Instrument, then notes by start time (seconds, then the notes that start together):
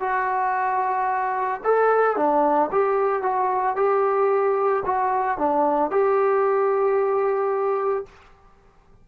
trombone
0.00 F#4
1.64 A4
2.16 D4
2.72 G4
3.22 F#4
3.76 G4
4.85 F#4
5.38 D4
5.91 G4